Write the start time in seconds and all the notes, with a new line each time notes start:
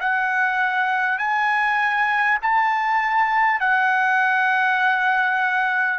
0.00 F#5
1.18 G#5
2.42 A5
3.61 F#5